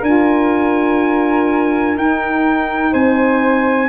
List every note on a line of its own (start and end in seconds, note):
0.00 1.96 D4
0.00 1.97 F4
0.00 2.90 A#4
0.00 1.98 G#5
1.96 2.93 D#4
1.96 3.89 D#4
1.96 2.94 G5
2.92 3.89 C4
2.92 3.89 C5
2.92 3.89 G#5